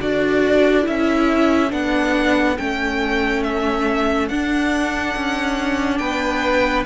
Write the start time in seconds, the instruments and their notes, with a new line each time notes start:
0.00 cello D4, viola F#4, violin A4 D5
0.82 viola E4, violin E5
0.88 cello C#4
1.70 cello B3, viola D4, violin F#5
2.57 cello A3, viola C#4, violin G5
3.43 violin E5
4.28 cello D4, viola D4, violin F#5
5.16 cello C#4
5.98 cello B3, violin B4 G5